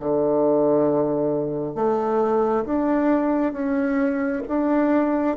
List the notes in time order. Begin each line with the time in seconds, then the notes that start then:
0.00 D3
1.75 A3
2.65 D4
3.53 C#4
4.48 D4